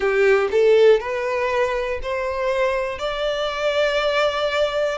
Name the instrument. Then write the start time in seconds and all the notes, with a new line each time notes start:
violin
0.00 G4
0.51 A4
1.00 B4
2.02 C5
2.99 D5